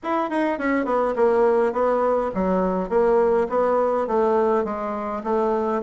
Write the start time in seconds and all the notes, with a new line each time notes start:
0.03 E4
0.29 D#4
0.58 C#4
0.85 B3
1.16 A#3
1.72 B3
2.34 F#3
2.89 A#3
3.49 B3
4.07 A3
4.64 G#3
5.23 A3